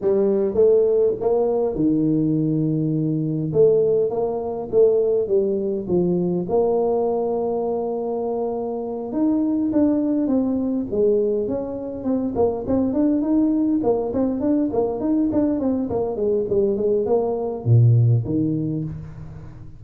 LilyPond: \new Staff \with { instrumentName = "tuba" } { \time 4/4 \tempo 4 = 102 g4 a4 ais4 dis4~ | dis2 a4 ais4 | a4 g4 f4 ais4~ | ais2.~ ais8 dis'8~ |
dis'8 d'4 c'4 gis4 cis'8~ | cis'8 c'8 ais8 c'8 d'8 dis'4 ais8 | c'8 d'8 ais8 dis'8 d'8 c'8 ais8 gis8 | g8 gis8 ais4 ais,4 dis4 | }